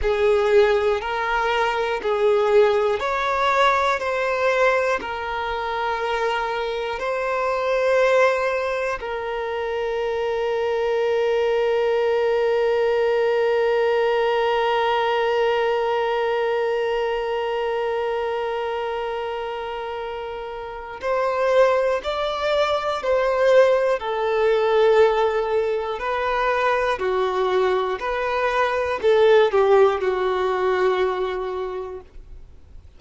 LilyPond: \new Staff \with { instrumentName = "violin" } { \time 4/4 \tempo 4 = 60 gis'4 ais'4 gis'4 cis''4 | c''4 ais'2 c''4~ | c''4 ais'2.~ | ais'1~ |
ais'1~ | ais'4 c''4 d''4 c''4 | a'2 b'4 fis'4 | b'4 a'8 g'8 fis'2 | }